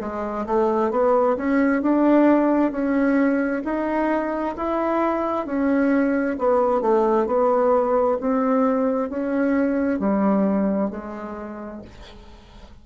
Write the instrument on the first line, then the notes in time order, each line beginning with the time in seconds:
bassoon
0.00 G#3
0.46 A3
0.91 B3
1.37 C#4
1.82 D4
2.71 C#4
3.64 D#4
4.56 E4
5.46 C#4
6.38 B3
6.81 A3
7.26 B3
8.20 C4
9.10 C#4
9.99 G3
10.90 G#3